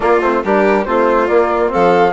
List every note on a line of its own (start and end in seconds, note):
0.00 0.20 A#3
0.00 0.22 A#3
0.00 0.43 F4
0.00 0.21 D5
0.21 0.42 A3
0.21 0.44 C4
0.21 0.42 C5
0.44 0.86 G3
0.44 0.86 D4
0.44 0.86 G4
0.44 0.84 A#4
0.84 1.28 A3
0.84 1.28 C4
0.84 1.72 F4
0.84 1.27 C5
1.27 1.68 A#3
1.27 1.71 A#3
1.27 1.70 D5
1.68 2.11 C4
1.68 2.13 A4
1.68 2.13 F5
1.74 2.13 F3